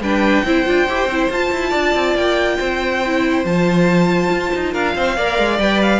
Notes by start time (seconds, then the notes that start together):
0.00 G3 D4 B4 G5
0.45 C4 E4 C5
0.65 D4 F4
0.87 E4 G4
1.05 C4
1.11 E4
1.29 F4 A5
1.52 E4
1.70 D4 D5
1.94 C4
2.15 A#3 G5
2.59 C4 C5
3.06 E4
3.44 F3 F4 A5
4.30 F4
4.55 D#4
4.72 D4 A#4 F5
4.95 C4 C5
5.16 A#3 A#4 D5
5.38 G#3
5.59 G3 B4 G5
5.82 F5